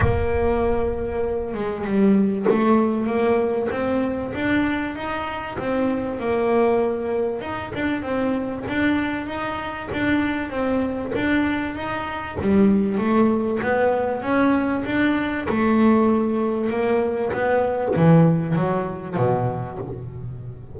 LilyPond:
\new Staff \with { instrumentName = "double bass" } { \time 4/4 \tempo 4 = 97 ais2~ ais8 gis8 g4 | a4 ais4 c'4 d'4 | dis'4 c'4 ais2 | dis'8 d'8 c'4 d'4 dis'4 |
d'4 c'4 d'4 dis'4 | g4 a4 b4 cis'4 | d'4 a2 ais4 | b4 e4 fis4 b,4 | }